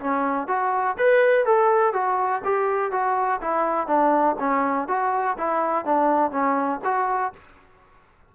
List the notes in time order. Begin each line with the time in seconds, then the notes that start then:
0.00 C#4
0.47 F#4
0.98 B4
1.45 A4
1.93 F#4
2.44 G4
2.92 F#4
3.41 E4
3.87 D4
4.39 C#4
4.88 F#4
5.37 E4
5.85 D4
6.31 C#4
6.84 F#4